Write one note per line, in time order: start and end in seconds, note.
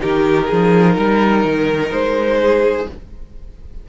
0.00 0.52 D#3
0.00 2.86 D#4
0.00 0.47 G4
0.00 1.92 A#4
0.47 0.98 F3
0.47 0.95 G#4
0.96 1.45 G3
0.96 2.38 A#4
1.45 1.91 D#3
1.91 2.87 G#3
1.91 2.87 C5
2.42 2.89 G#4